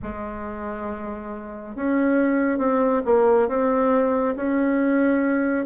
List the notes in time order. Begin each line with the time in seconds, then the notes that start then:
0.02 G#3
1.75 C#4
2.58 C4
3.05 A#3
3.48 C4
4.36 C#4